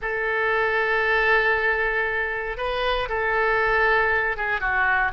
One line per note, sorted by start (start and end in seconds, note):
0.01 2.57 A4
2.57 3.08 B4
3.08 4.36 A4
4.36 4.60 G#4
4.60 5.11 F#4